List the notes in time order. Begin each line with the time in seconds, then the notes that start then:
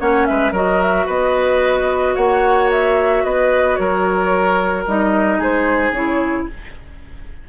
0.00 A#3 C#4 C#5 F#5
0.26 G#3 B4 E5
0.52 F#3 F#4 A#4 D#5
0.81 E5
1.06 B3 B4 D#5
2.15 A#3 C#5 F#5
2.71 E5
3.24 B3 B4 D#5
3.76 F#3 A#4 C#5
4.87 G3 D#4 D#5
5.39 G#3 G#4 C5
5.91 C#3 E4 C#5